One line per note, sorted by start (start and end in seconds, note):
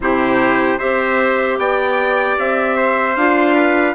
0.00 0.78 C3
0.00 0.78 E4
0.00 0.78 G4
0.00 0.79 C5
0.78 1.58 C4
0.78 3.15 G4
0.78 1.57 C5
0.78 1.58 E5
1.58 2.37 B3
1.58 2.76 D5
1.58 2.37 G5
2.38 3.15 C4
2.38 3.16 E5
2.76 3.54 C5
3.15 3.94 D4
3.15 3.95 F4
3.15 3.95 F5
3.54 3.94 B4